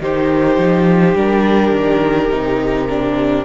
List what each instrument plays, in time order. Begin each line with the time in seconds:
0.00 cello D#3, viola D#4, violin G4 C5
0.57 cello F3
1.15 cello G3, viola D4, violin A#4
1.71 cello D#3
2.30 cello C3, viola D#4
2.89 viola D4